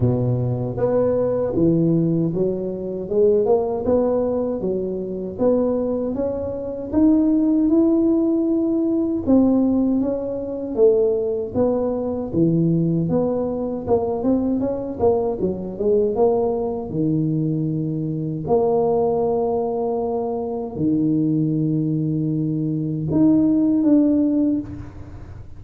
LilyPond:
\new Staff \with { instrumentName = "tuba" } { \time 4/4 \tempo 4 = 78 b,4 b4 e4 fis4 | gis8 ais8 b4 fis4 b4 | cis'4 dis'4 e'2 | c'4 cis'4 a4 b4 |
e4 b4 ais8 c'8 cis'8 ais8 | fis8 gis8 ais4 dis2 | ais2. dis4~ | dis2 dis'4 d'4 | }